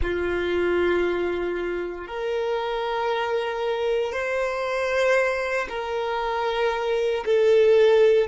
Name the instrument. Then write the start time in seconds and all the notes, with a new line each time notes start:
violin
0.01 F4
2.07 A#4
4.12 C5
5.69 A#4
7.25 A4